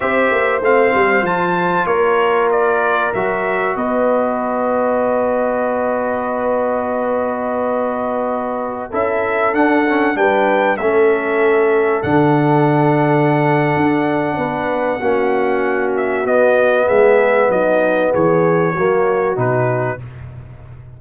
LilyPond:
<<
  \new Staff \with { instrumentName = "trumpet" } { \time 4/4 \tempo 4 = 96 e''4 f''4 a''4 cis''4 | d''4 e''4 dis''2~ | dis''1~ | dis''2~ dis''16 e''4 fis''8.~ |
fis''16 g''4 e''2 fis''8.~ | fis''1~ | fis''4. e''8 dis''4 e''4 | dis''4 cis''2 b'4 | }
  \new Staff \with { instrumentName = "horn" } { \time 4/4 c''2. ais'4~ | ais'2 b'2~ | b'1~ | b'2~ b'16 a'4.~ a'16~ |
a'16 b'4 a'2~ a'8.~ | a'2. b'4 | fis'2. gis'4 | dis'4 gis'4 fis'2 | }
  \new Staff \with { instrumentName = "trombone" } { \time 4/4 g'4 c'4 f'2~ | f'4 fis'2.~ | fis'1~ | fis'2~ fis'16 e'4 d'8 cis'16~ |
cis'16 d'4 cis'2 d'8.~ | d'1 | cis'2 b2~ | b2 ais4 dis'4 | }
  \new Staff \with { instrumentName = "tuba" } { \time 4/4 c'8 ais8 a8 g8 f4 ais4~ | ais4 fis4 b2~ | b1~ | b2~ b16 cis'4 d'8.~ |
d'16 g4 a2 d8.~ | d2 d'4 b4 | ais2 b4 gis4 | fis4 e4 fis4 b,4 | }
>>